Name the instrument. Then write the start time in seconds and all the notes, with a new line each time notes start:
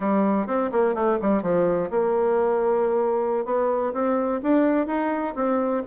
bassoon
0.00 G3
0.46 C4
0.72 A#3
0.94 A3
1.21 G3
1.42 F3
1.90 A#3
3.45 B3
3.93 C4
4.42 D4
4.86 D#4
5.35 C4